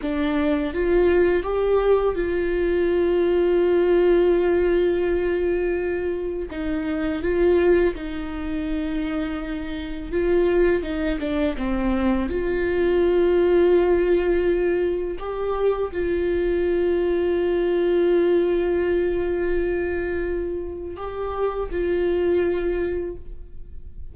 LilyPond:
\new Staff \with { instrumentName = "viola" } { \time 4/4 \tempo 4 = 83 d'4 f'4 g'4 f'4~ | f'1~ | f'4 dis'4 f'4 dis'4~ | dis'2 f'4 dis'8 d'8 |
c'4 f'2.~ | f'4 g'4 f'2~ | f'1~ | f'4 g'4 f'2 | }